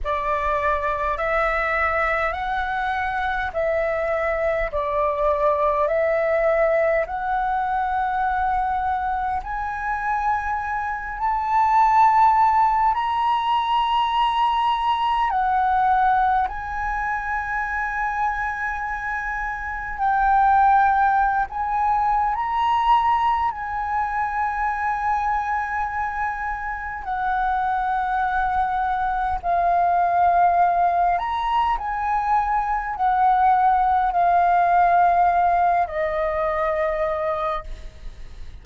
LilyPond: \new Staff \with { instrumentName = "flute" } { \time 4/4 \tempo 4 = 51 d''4 e''4 fis''4 e''4 | d''4 e''4 fis''2 | gis''4. a''4. ais''4~ | ais''4 fis''4 gis''2~ |
gis''4 g''4~ g''16 gis''8. ais''4 | gis''2. fis''4~ | fis''4 f''4. ais''8 gis''4 | fis''4 f''4. dis''4. | }